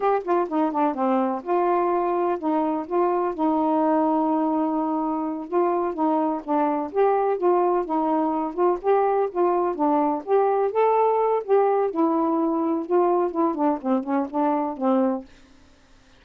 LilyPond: \new Staff \with { instrumentName = "saxophone" } { \time 4/4 \tempo 4 = 126 g'8 f'8 dis'8 d'8 c'4 f'4~ | f'4 dis'4 f'4 dis'4~ | dis'2.~ dis'8 f'8~ | f'8 dis'4 d'4 g'4 f'8~ |
f'8 dis'4. f'8 g'4 f'8~ | f'8 d'4 g'4 a'4. | g'4 e'2 f'4 | e'8 d'8 c'8 cis'8 d'4 c'4 | }